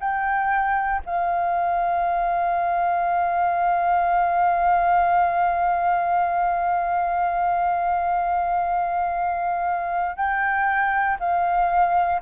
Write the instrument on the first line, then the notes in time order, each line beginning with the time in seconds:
flute
0.00 G5
1.06 F5
10.16 G5
11.20 F5